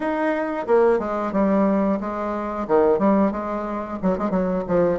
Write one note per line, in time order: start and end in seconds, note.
0.00 0.66 D#4
0.66 0.98 A#3
0.98 1.32 G#3
1.32 1.98 G3
2.00 2.67 G#3
2.67 2.98 D#3
2.98 3.32 G3
3.32 3.98 G#3
4.02 4.18 F#3
4.18 4.30 G#3
4.30 4.63 F#3
4.67 4.99 F3